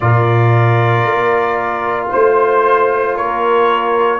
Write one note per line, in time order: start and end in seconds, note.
0.00 1.05 A#2
0.00 4.19 F4
0.00 2.09 A#4
0.00 2.07 D5
1.05 2.10 A#3
2.09 3.19 A3
2.09 3.14 C5
2.09 3.16 C5
3.15 4.19 A#3
3.15 4.19 A#4
3.15 4.19 C#5